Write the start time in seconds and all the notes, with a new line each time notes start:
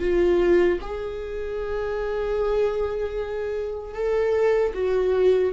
0.00 F4
0.81 G#4
3.94 A4
4.74 F#4